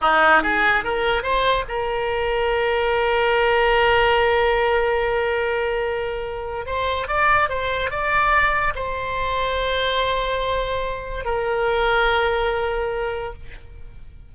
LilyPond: \new Staff \with { instrumentName = "oboe" } { \time 4/4 \tempo 4 = 144 dis'4 gis'4 ais'4 c''4 | ais'1~ | ais'1~ | ais'1 |
c''4 d''4 c''4 d''4~ | d''4 c''2.~ | c''2. ais'4~ | ais'1 | }